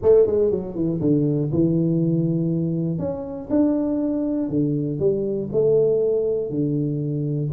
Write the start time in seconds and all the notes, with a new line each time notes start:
0.02 A3
0.26 G#3
0.50 F#3
0.75 E3
1.00 D3
1.52 E3
2.98 C#4
3.50 D4
4.49 D3
4.99 G3
5.52 A3
6.50 D3